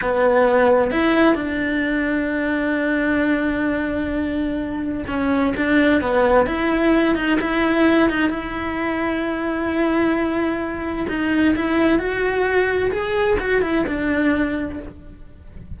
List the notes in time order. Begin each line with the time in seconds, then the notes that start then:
0.01 B3
0.91 E4
1.34 D4
5.07 C#4
5.56 D4
6.01 B3
6.46 E4
7.15 D#4
7.41 E4
8.09 D#4
8.29 E4
11.08 D#4
11.55 E4
11.98 F#4
12.91 G#4
13.39 F#4
13.62 E4
13.86 D4